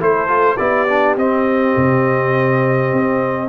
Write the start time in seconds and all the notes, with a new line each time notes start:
0.00 A3 E4 A4 C5
0.28 F4
0.57 B3 E4 G4 D5
0.89 D4
1.17 C4 D#5
1.77 C3
2.93 C4